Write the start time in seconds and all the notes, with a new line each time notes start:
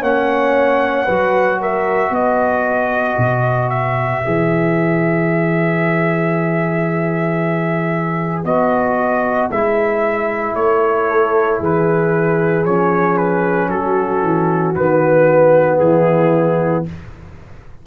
0.00 A#3 C#4 C#5 F#5
1.05 F#3 F#4 B4
1.60 A#4 E5
2.10 B3 B4 D#5
3.17 B2
3.69 E5
4.24 E3 G#4
8.44 B3 F#4 D#5
9.51 G#3 E4 E5
10.54 A3 C#5
11.08 A4
11.59 E3 G#4 B4
12.65 F3 C#4 C#5
13.17 B4
13.69 F#3 F#4 A4
14.22 E3
14.75 D#3 B3 B4
15.79 E3 E4 G#4